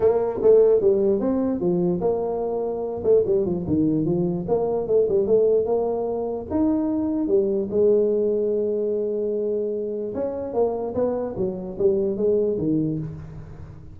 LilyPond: \new Staff \with { instrumentName = "tuba" } { \time 4/4 \tempo 4 = 148 ais4 a4 g4 c'4 | f4 ais2~ ais8 a8 | g8 f8 dis4 f4 ais4 | a8 g8 a4 ais2 |
dis'2 g4 gis4~ | gis1~ | gis4 cis'4 ais4 b4 | fis4 g4 gis4 dis4 | }